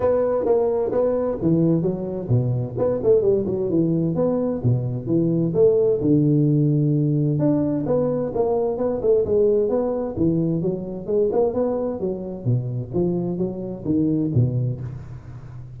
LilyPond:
\new Staff \with { instrumentName = "tuba" } { \time 4/4 \tempo 4 = 130 b4 ais4 b4 e4 | fis4 b,4 b8 a8 g8 fis8 | e4 b4 b,4 e4 | a4 d2. |
d'4 b4 ais4 b8 a8 | gis4 b4 e4 fis4 | gis8 ais8 b4 fis4 b,4 | f4 fis4 dis4 b,4 | }